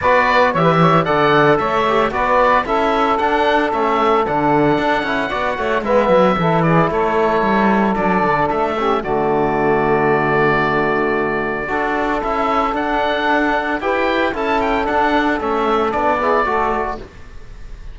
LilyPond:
<<
  \new Staff \with { instrumentName = "oboe" } { \time 4/4 \tempo 4 = 113 d''4 e''4 fis''4 e''4 | d''4 e''4 fis''4 e''4 | fis''2. e''4~ | e''8 d''8 cis''2 d''4 |
e''4 d''2.~ | d''2. e''4 | fis''2 g''4 a''8 g''8 | fis''4 e''4 d''2 | }
  \new Staff \with { instrumentName = "saxophone" } { \time 4/4 b'4 cis''16 b'16 cis''8 d''4 cis''4 | b'4 a'2.~ | a'2 d''8 cis''8 b'4 | a'8 gis'8 a'2.~ |
a'8 g'8 fis'2.~ | fis'2 a'2~ | a'2 b'4 a'4~ | a'2~ a'8 gis'8 a'4 | }
  \new Staff \with { instrumentName = "trombone" } { \time 4/4 fis'4 g'4 a'4. g'8 | fis'4 e'4 d'4 cis'4 | d'4. e'8 fis'4 b4 | e'2. d'4~ |
d'8 cis'8 a2.~ | a2 fis'4 e'4 | d'2 g'4 e'4 | d'4 cis'4 d'8 e'8 fis'4 | }
  \new Staff \with { instrumentName = "cello" } { \time 4/4 b4 e4 d4 a4 | b4 cis'4 d'4 a4 | d4 d'8 cis'8 b8 a8 gis8 fis8 | e4 a4 g4 fis8 d8 |
a4 d2.~ | d2 d'4 cis'4 | d'2 e'4 cis'4 | d'4 a4 b4 a4 | }
>>